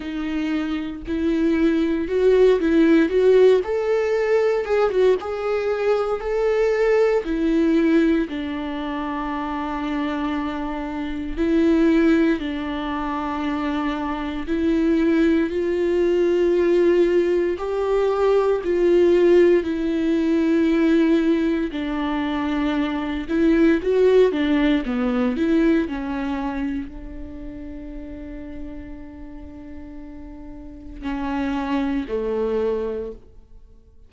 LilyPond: \new Staff \with { instrumentName = "viola" } { \time 4/4 \tempo 4 = 58 dis'4 e'4 fis'8 e'8 fis'8 a'8~ | a'8 gis'16 fis'16 gis'4 a'4 e'4 | d'2. e'4 | d'2 e'4 f'4~ |
f'4 g'4 f'4 e'4~ | e'4 d'4. e'8 fis'8 d'8 | b8 e'8 cis'4 d'2~ | d'2 cis'4 a4 | }